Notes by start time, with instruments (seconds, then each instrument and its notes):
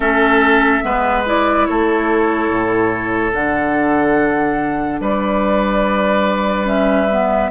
0.00 bassoon A3, clarinet C#4, oboe A4, flute E5
0.82 bassoon G#3, clarinet B3, oboe B4
1.25 clarinet E4, flute D5
1.65 bassoon A3, oboe A4, flute C#5
2.49 bassoon A2
3.32 bassoon D3, clarinet D4, flute F#5
5.00 bassoon G3, oboe B4, flute D5
6.65 clarinet C#4, flute E5
7.11 clarinet B3